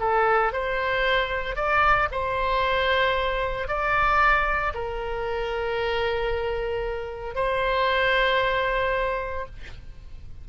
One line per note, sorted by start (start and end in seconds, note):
0.00 0.52 A4
0.52 1.56 C5
1.56 2.09 D5
2.11 3.68 C5
3.68 4.73 D5
4.74 7.35 A#4
7.35 9.46 C5